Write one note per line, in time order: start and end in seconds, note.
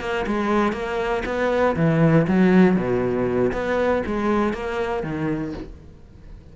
0.00 0.25 A#3
0.27 0.72 G#3
0.72 1.23 A#3
1.25 1.75 B3
1.76 2.26 E3
2.27 2.76 F#3
2.76 3.52 B2
3.52 4.03 B3
4.06 4.53 G#3
4.53 5.03 A#3
5.03 5.53 D#3